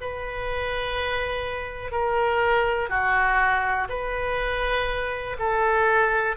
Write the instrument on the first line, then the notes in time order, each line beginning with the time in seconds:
oboe
0.00 B4
1.91 A#4
2.89 F#4
3.89 B4
5.39 A4